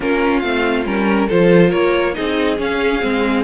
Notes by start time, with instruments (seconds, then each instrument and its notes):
0.00 cello A#3, viola C#4, violin F4 A#4
0.40 cello A3, viola C4, violin F5
0.85 cello G3, viola C#4, violin A#4
1.08 violin A#4
1.27 cello F3, viola F4, violin A4 C5
1.69 cello A#3, violin A#4 C#5
2.13 cello C4, viola D#4, violin G#4 D#5
2.57 viola C#4, cello C#4, violin F5
3.01 cello G#3, viola C4